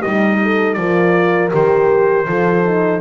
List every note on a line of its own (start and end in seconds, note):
0.00 0.77 G3
0.00 0.78 D#4
0.00 0.38 G4
0.00 0.74 D#5
0.43 0.78 A4
0.74 1.52 F3
0.74 1.52 F4
0.74 2.28 A#4
0.74 1.49 D5
1.52 2.28 D#3
1.52 2.27 G4
1.52 3.01 C5
2.28 3.01 F3
2.28 2.65 F4
2.28 3.01 A4
2.65 3.01 D#4